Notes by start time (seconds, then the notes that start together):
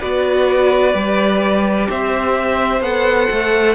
0.00 B3 F#4 B4 D5
0.93 G3 G4
1.89 C4 C5 E5
2.81 B3 A4 F#5
3.31 A3